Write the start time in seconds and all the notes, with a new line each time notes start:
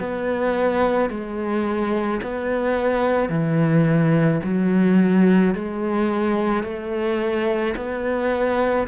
0.00 B3
1.10 G#3
2.23 B3
3.29 E3
4.44 F#3
5.55 G#3
6.64 A3
7.77 B3